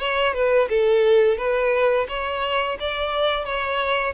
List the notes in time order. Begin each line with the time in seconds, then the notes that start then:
0.00 C#5
0.34 B4
0.70 A4
1.38 B4
2.09 C#5
2.80 D5
3.45 C#5